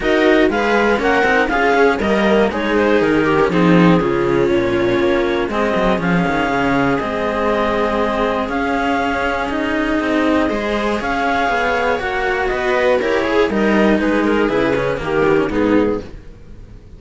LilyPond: <<
  \new Staff \with { instrumentName = "clarinet" } { \time 4/4 \tempo 4 = 120 dis''4 f''4 fis''4 f''4 | dis''4 cis''8 c''8 ais'4 gis'4~ | gis'4 cis''2 dis''4 | f''2 dis''2~ |
dis''4 f''2 dis''4~ | dis''2 f''2 | fis''4 dis''4 cis''4 dis''4 | b'8 ais'8 b'4 ais'4 gis'4 | }
  \new Staff \with { instrumentName = "viola" } { \time 4/4 ais'4 b'4 ais'4 gis'4 | ais'4 gis'4. g'8 dis'4 | f'2. gis'4~ | gis'1~ |
gis'1~ | gis'4 c''4 cis''2~ | cis''4 b'4 ais'8 gis'8 ais'4 | gis'2 g'4 dis'4 | }
  \new Staff \with { instrumentName = "cello" } { \time 4/4 fis'4 gis'4 cis'8 dis'8 f'8 cis'8 | ais4 dis'4.~ dis'16 cis'16 c'4 | cis'2. c'4 | cis'2 c'2~ |
c'4 cis'2 dis'4~ | dis'4 gis'2. | fis'2 g'8 gis'8 dis'4~ | dis'4 e'8 cis'8 ais8 b16 cis'16 b4 | }
  \new Staff \with { instrumentName = "cello" } { \time 4/4 dis'4 gis4 ais8 c'8 cis'4 | g4 gis4 dis4 f4 | cis4 ais,4 ais4 gis8 fis8 | f8 dis8 cis4 gis2~ |
gis4 cis'2. | c'4 gis4 cis'4 b4 | ais4 b4 e'4 g4 | gis4 cis4 dis4 gis,4 | }
>>